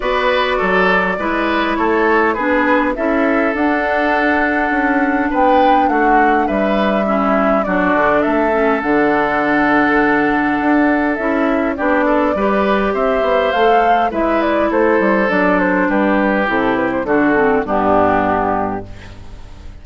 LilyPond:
<<
  \new Staff \with { instrumentName = "flute" } { \time 4/4 \tempo 4 = 102 d''2. cis''4 | b'4 e''4 fis''2~ | fis''4 g''4 fis''4 e''4~ | e''4 d''4 e''4 fis''4~ |
fis''2. e''4 | d''2 e''4 f''4 | e''8 d''8 c''4 d''8 c''8 b'4 | a'8 b'16 c''16 a'4 g'2 | }
  \new Staff \with { instrumentName = "oboe" } { \time 4/4 b'4 a'4 b'4 a'4 | gis'4 a'2.~ | a'4 b'4 fis'4 b'4 | e'4 fis'4 a'2~ |
a'1 | g'8 a'8 b'4 c''2 | b'4 a'2 g'4~ | g'4 fis'4 d'2 | }
  \new Staff \with { instrumentName = "clarinet" } { \time 4/4 fis'2 e'2 | d'4 e'4 d'2~ | d'1 | cis'4 d'4. cis'8 d'4~ |
d'2. e'4 | d'4 g'2 a'4 | e'2 d'2 | e'4 d'8 c'8 b2 | }
  \new Staff \with { instrumentName = "bassoon" } { \time 4/4 b4 fis4 gis4 a4 | b4 cis'4 d'2 | cis'4 b4 a4 g4~ | g4 fis8 d8 a4 d4~ |
d2 d'4 cis'4 | b4 g4 c'8 b8 a4 | gis4 a8 g8 fis4 g4 | c4 d4 g,2 | }
>>